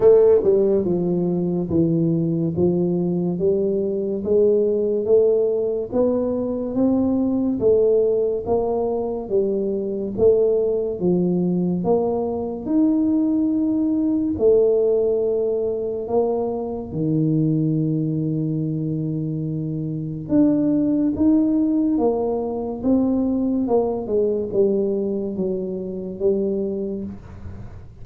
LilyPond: \new Staff \with { instrumentName = "tuba" } { \time 4/4 \tempo 4 = 71 a8 g8 f4 e4 f4 | g4 gis4 a4 b4 | c'4 a4 ais4 g4 | a4 f4 ais4 dis'4~ |
dis'4 a2 ais4 | dis1 | d'4 dis'4 ais4 c'4 | ais8 gis8 g4 fis4 g4 | }